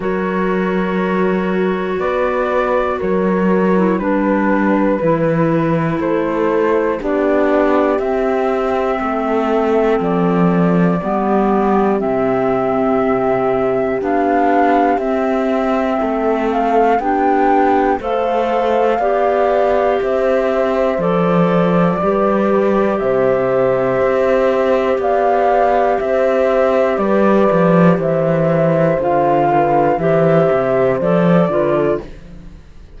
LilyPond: <<
  \new Staff \with { instrumentName = "flute" } { \time 4/4 \tempo 4 = 60 cis''2 d''4 cis''4 | b'2 c''4 d''4 | e''2 d''2 | e''2 f''4 e''4~ |
e''8 f''8 g''4 f''2 | e''4 d''2 e''4~ | e''4 f''4 e''4 d''4 | e''4 f''4 e''4 d''4 | }
  \new Staff \with { instrumentName = "horn" } { \time 4/4 ais'2 b'4 ais'4 | b'2 a'4 g'4~ | g'4 a'2 g'4~ | g'1 |
a'4 g'4 c''4 d''4 | c''2 b'4 c''4~ | c''4 d''4 c''4 b'4 | c''4. b'8 c''4. b'16 a'16 | }
  \new Staff \with { instrumentName = "clarinet" } { \time 4/4 fis'2.~ fis'8. e'16 | d'4 e'2 d'4 | c'2. b4 | c'2 d'4 c'4~ |
c'4 d'4 a'4 g'4~ | g'4 a'4 g'2~ | g'1~ | g'4 f'4 g'4 a'8 f'8 | }
  \new Staff \with { instrumentName = "cello" } { \time 4/4 fis2 b4 fis4 | g4 e4 a4 b4 | c'4 a4 f4 g4 | c2 b4 c'4 |
a4 b4 a4 b4 | c'4 f4 g4 c4 | c'4 b4 c'4 g8 f8 | e4 d4 e8 c8 f8 d8 | }
>>